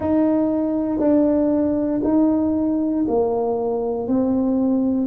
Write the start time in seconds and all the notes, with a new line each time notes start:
0.00 D#4
0.99 D4
2.03 D#4
3.07 A#3
4.07 C4